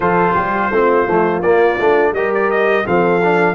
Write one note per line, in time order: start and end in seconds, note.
0.00 0.33 F3
0.00 0.72 F4
0.00 0.34 A4
0.00 1.42 C5
0.34 0.71 G3
0.34 0.70 G4
0.71 1.06 A3
0.71 1.07 C4
0.71 2.14 F4
1.07 1.42 F3
1.07 1.43 A3
1.42 1.78 A#3
1.42 1.79 A#3
1.42 2.13 D5
1.79 2.12 A3
1.79 2.15 D4
2.12 2.83 G3
2.12 2.85 G4
2.12 2.85 A#4
2.12 2.32 D#5
2.34 2.50 D5
2.50 2.86 D#5
2.85 3.54 F3
2.85 3.21 C4
2.85 3.54 A4
2.85 3.54 F5
3.23 3.54 D4